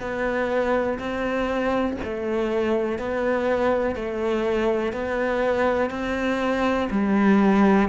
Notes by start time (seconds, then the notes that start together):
0.00 B3
0.99 C4
2.04 A3
2.98 B3
3.95 A3
4.93 B3
5.90 C4
6.91 G3